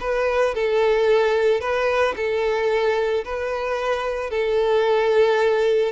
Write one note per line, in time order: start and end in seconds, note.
0.00 0.54 B4
0.54 1.60 A4
1.60 2.14 B4
2.16 3.24 A4
3.24 4.30 B4
4.30 5.92 A4